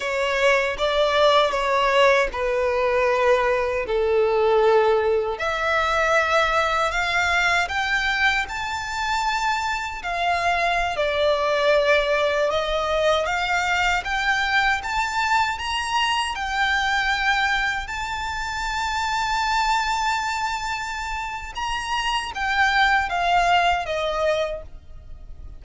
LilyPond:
\new Staff \with { instrumentName = "violin" } { \time 4/4 \tempo 4 = 78 cis''4 d''4 cis''4 b'4~ | b'4 a'2 e''4~ | e''4 f''4 g''4 a''4~ | a''4 f''4~ f''16 d''4.~ d''16~ |
d''16 dis''4 f''4 g''4 a''8.~ | a''16 ais''4 g''2 a''8.~ | a''1 | ais''4 g''4 f''4 dis''4 | }